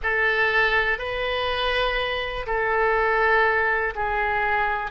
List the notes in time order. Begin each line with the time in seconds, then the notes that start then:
0.02 A4
0.98 B4
2.46 A4
3.95 G#4